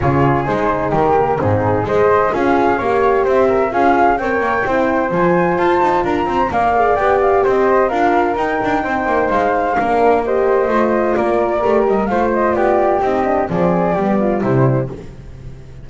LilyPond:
<<
  \new Staff \with { instrumentName = "flute" } { \time 4/4 \tempo 4 = 129 cis''4 c''4 ais'4 gis'4 | dis''4 f''2 e''4 | f''4 g''2 gis''4 | a''4 ais''4 f''4 g''8 f''8 |
dis''4 f''4 g''2 | f''2 dis''2 | d''4. dis''8 f''8 dis''8 d''4 | dis''4 d''2 c''4 | }
  \new Staff \with { instrumentName = "flute" } { \time 4/4 gis'2 g'4 dis'4 | c''4 gis'4 cis''4 c''8 ais'8 | gis'4 cis''4 c''2~ | c''4 ais'8 c''8 d''2 |
c''4 ais'2 c''4~ | c''4 ais'4 c''2 | ais'2 c''4 g'4~ | g'4 gis'4 g'8 f'8 e'4 | }
  \new Staff \with { instrumentName = "horn" } { \time 4/4 f'4 dis'4. ais8 c'4 | gis'4 f'4 g'2 | f'4 ais'4 e'4 f'4~ | f'2 ais'8 gis'8 g'4~ |
g'4 f'4 dis'2~ | dis'4 d'4 g'4 f'4~ | f'4 g'4 f'2 | dis'8 d'8 c'4 b4 g4 | }
  \new Staff \with { instrumentName = "double bass" } { \time 4/4 cis4 gis4 dis4 gis,4 | gis4 cis'4 ais4 c'4 | cis'4 c'8 ais8 c'4 f4 | f'8 dis'8 d'8 c'8 ais4 b4 |
c'4 d'4 dis'8 d'8 c'8 ais8 | gis4 ais2 a4 | ais4 a8 g8 a4 b4 | c'4 f4 g4 c4 | }
>>